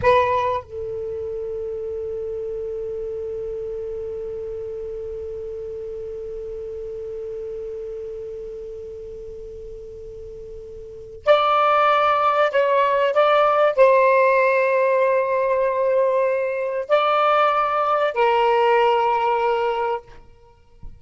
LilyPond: \new Staff \with { instrumentName = "saxophone" } { \time 4/4 \tempo 4 = 96 b'4 a'2.~ | a'1~ | a'1~ | a'1~ |
a'2 d''2 | cis''4 d''4 c''2~ | c''2. d''4~ | d''4 ais'2. | }